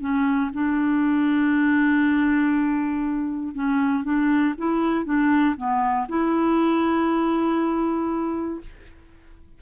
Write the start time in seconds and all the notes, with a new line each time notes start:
0.00 C#4
0.53 D4
3.55 C#4
4.04 D4
4.58 E4
5.05 D4
5.56 B3
6.08 E4